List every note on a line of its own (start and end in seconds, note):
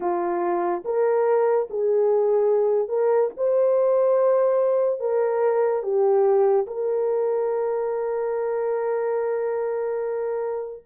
0.00 0.83 F4
0.84 1.67 A#4
1.69 2.88 G#4
2.88 3.30 A#4
3.36 5.00 C5
5.00 5.83 A#4
5.83 6.66 G4
6.66 10.83 A#4